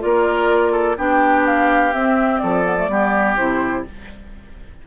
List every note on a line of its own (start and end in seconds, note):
0.00 0.98 A#3
0.00 0.96 F4
0.00 0.72 A#4
0.00 0.98 D5
0.72 0.96 A4
0.98 1.94 B3
0.98 1.93 D4
0.98 2.42 G4
0.98 1.46 G5
1.47 1.94 F5
1.93 2.65 C4
1.93 2.42 C4
1.93 2.39 E5
2.39 2.89 F3
2.39 2.91 A4
2.39 3.35 D5
2.65 2.77 B3
2.77 2.89 A3
2.89 3.37 G3
2.89 3.37 B3
2.89 3.88 G4
3.37 3.86 C3
3.37 3.85 E4
3.37 3.85 C5